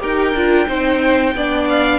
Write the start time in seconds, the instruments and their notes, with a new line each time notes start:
0.00 cello D#4, viola G4, violin A#4 G5
0.34 cello D4, viola F4
0.67 cello C4, viola D#4, violin C5
1.34 cello B3, viola D4, violin D5
1.69 violin F5